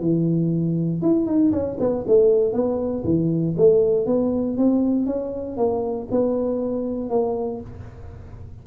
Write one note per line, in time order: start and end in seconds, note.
0.00 1.01 E3
1.01 1.26 E4
1.26 1.52 D#4
1.52 1.77 C#4
1.79 2.05 B3
2.07 2.53 A3
2.53 3.03 B3
3.04 3.55 E3
3.57 4.06 A3
4.06 4.57 B3
4.57 5.06 C4
5.06 5.57 C#4
5.57 6.08 A#3
6.11 7.10 B3
7.10 7.60 A#3